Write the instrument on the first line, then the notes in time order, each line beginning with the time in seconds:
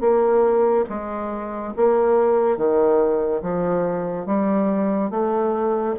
bassoon
0.00 A#3
0.89 G#3
1.76 A#3
2.57 D#3
3.42 F3
4.26 G3
5.10 A3